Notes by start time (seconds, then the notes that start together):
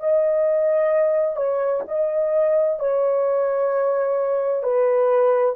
0.00 D#5
1.36 C#5
1.88 D#5
2.79 C#5
4.63 B4